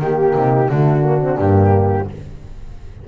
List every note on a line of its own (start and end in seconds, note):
0.00 0.34 D#3
0.00 0.70 A#3
0.00 0.70 G4
0.00 0.36 G4
0.36 0.69 C3
0.36 0.70 D#4
0.69 1.38 D3
0.69 1.02 A3
0.69 2.06 D4
0.69 1.38 F#4
1.02 1.19 A#3
1.20 1.37 C4
1.38 2.07 G2
1.38 2.06 A#3
1.38 2.08 G4